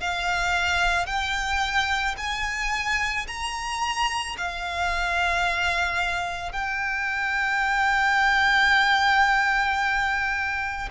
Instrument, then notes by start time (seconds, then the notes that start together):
violin
0.00 F5
1.06 G5
2.17 G#5
3.27 A#5
4.37 F5
6.52 G5